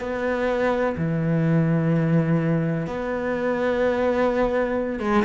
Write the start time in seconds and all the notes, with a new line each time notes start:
0.00 B3
0.97 E3
2.87 B3
5.00 G#3